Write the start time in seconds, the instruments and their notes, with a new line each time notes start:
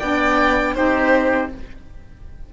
0.00 cello B3, saxophone D4, oboe D5, violin G5
0.75 cello C4, saxophone D#4, oboe G4, violin C5